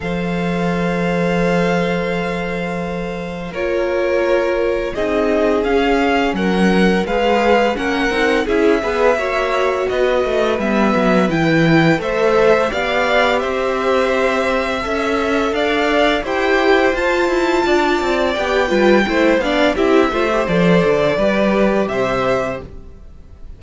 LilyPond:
<<
  \new Staff \with { instrumentName = "violin" } { \time 4/4 \tempo 4 = 85 f''1~ | f''4 cis''2 dis''4 | f''4 fis''4 f''4 fis''4 | e''2 dis''4 e''4 |
g''4 e''4 f''4 e''4~ | e''2 f''4 g''4 | a''2 g''4. f''8 | e''4 d''2 e''4 | }
  \new Staff \with { instrumentName = "violin" } { \time 4/4 c''1~ | c''4 ais'2 gis'4~ | gis'4 ais'4 b'4 ais'4 | gis'8 b'8 cis''4 b'2~ |
b'4 c''4 d''4 c''4~ | c''4 e''4 d''4 c''4~ | c''4 d''4. b'8 c''8 d''8 | g'8 c''4. b'4 c''4 | }
  \new Staff \with { instrumentName = "viola" } { \time 4/4 a'1~ | a'4 f'2 dis'4 | cis'2 gis'4 cis'8 dis'8 | e'8 gis'8 fis'2 b4 |
e'4 a'4 g'2~ | g'4 a'2 g'4 | f'2 g'8 f'8 e'8 d'8 | e'8 f'16 g'16 a'4 g'2 | }
  \new Staff \with { instrumentName = "cello" } { \time 4/4 f1~ | f4 ais2 c'4 | cis'4 fis4 gis4 ais8 c'8 | cis'8 b8 ais4 b8 a8 g8 fis8 |
e4 a4 b4 c'4~ | c'4 cis'4 d'4 e'4 | f'8 e'8 d'8 c'8 b8 g8 a8 b8 | c'8 a8 f8 d8 g4 c4 | }
>>